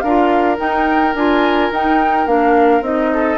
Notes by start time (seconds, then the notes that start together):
0.00 D4 A#4 F5
0.07 F4
0.57 D#4 G5
1.14 D4 F4 G#5
1.71 D#4 G5
2.26 A#3 D4 F5
2.81 C4 D#4 D#5
3.13 A4